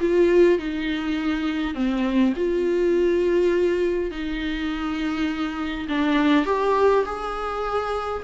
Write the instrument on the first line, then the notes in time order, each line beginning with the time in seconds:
viola
0.00 F4
0.58 D#4
1.74 C4
2.36 F4
4.11 D#4
5.89 D4
6.45 G4
7.05 G#4